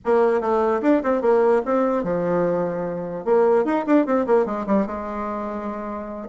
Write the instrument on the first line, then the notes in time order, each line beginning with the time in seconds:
bassoon
0.05 A#3
0.40 A3
0.81 D4
1.03 C4
1.21 A#3
1.65 C4
2.03 F3
3.24 A#3
3.64 D#4
3.86 D4
4.05 C4
4.26 A#3
4.45 G#3
4.66 G3
4.86 G#3